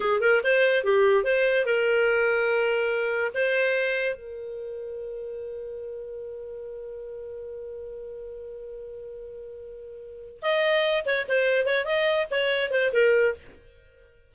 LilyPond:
\new Staff \with { instrumentName = "clarinet" } { \time 4/4 \tempo 4 = 144 gis'8 ais'8 c''4 g'4 c''4 | ais'1 | c''2 ais'2~ | ais'1~ |
ais'1~ | ais'1~ | ais'4 dis''4. cis''8 c''4 | cis''8 dis''4 cis''4 c''8 ais'4 | }